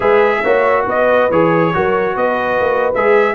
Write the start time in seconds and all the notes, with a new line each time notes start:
0.00 G#3 G#4 B4 E5
0.43 A#3 F#4 C#5
0.86 B3 B4 D#5
1.30 E3 G#4 C#5
1.73 F#3 F#4 A#4
2.16 B3 B4 D#5
2.60 A#3
2.94 G#3 G#4 E5